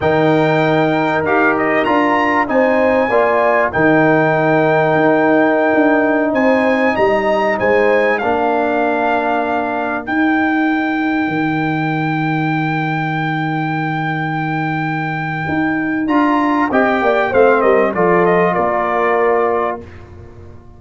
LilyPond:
<<
  \new Staff \with { instrumentName = "trumpet" } { \time 4/4 \tempo 4 = 97 g''2 f''8 dis''8 ais''4 | gis''2 g''2~ | g''2~ g''16 gis''4 ais''8.~ | ais''16 gis''4 f''2~ f''8.~ |
f''16 g''2.~ g''8.~ | g''1~ | g''2 ais''4 g''4 | f''8 dis''8 d''8 dis''8 d''2 | }
  \new Staff \with { instrumentName = "horn" } { \time 4/4 ais'1 | c''4 d''4 ais'2~ | ais'2~ ais'16 c''4 dis''8.~ | dis''16 c''4 ais'2~ ais'8.~ |
ais'1~ | ais'1~ | ais'2. dis''8 d''8 | c''8 ais'8 a'4 ais'2 | }
  \new Staff \with { instrumentName = "trombone" } { \time 4/4 dis'2 g'4 f'4 | dis'4 f'4 dis'2~ | dis'1~ | dis'4~ dis'16 d'2~ d'8.~ |
d'16 dis'2.~ dis'8.~ | dis'1~ | dis'2 f'4 g'4 | c'4 f'2. | }
  \new Staff \with { instrumentName = "tuba" } { \time 4/4 dis2 dis'4 d'4 | c'4 ais4 dis2 | dis'4~ dis'16 d'4 c'4 g8.~ | g16 gis4 ais2~ ais8.~ |
ais16 dis'2 dis4.~ dis16~ | dis1~ | dis4 dis'4 d'4 c'8 ais8 | a8 g8 f4 ais2 | }
>>